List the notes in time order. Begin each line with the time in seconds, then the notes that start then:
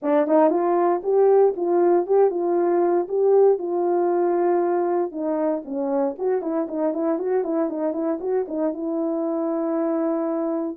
0.02 D4
0.27 D#4
0.50 F4
1.03 G4
1.56 F4
2.06 G4
2.30 F4
3.08 G4
3.58 F4
5.11 D#4
5.64 C#4
6.18 F#4
6.41 E4
6.68 D#4
6.93 E4
7.18 F#4
7.44 E4
7.69 D#4
7.93 E4
8.20 F#4
8.48 D#4
8.73 E4